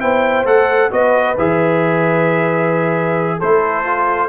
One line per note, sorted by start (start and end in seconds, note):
0.00 0.45 B3
0.00 0.45 E4
0.00 0.91 C5
0.00 0.45 G5
0.45 0.90 A3
0.45 0.90 A4
0.45 0.91 F#5
0.90 1.37 B3
0.90 1.35 F#4
0.90 3.38 B4
0.90 1.37 D#5
1.37 3.40 E3
1.37 3.41 G#4
1.37 3.40 E5
3.38 4.28 A3
3.38 3.84 E4
3.38 4.28 A4
3.38 4.28 C5
3.84 4.28 F4